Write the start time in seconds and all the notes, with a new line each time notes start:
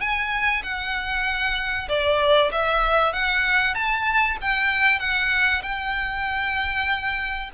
0.00 G#5
0.63 F#5
1.89 D5
2.52 E5
3.13 F#5
3.74 A5
4.41 G5
4.99 F#5
5.63 G5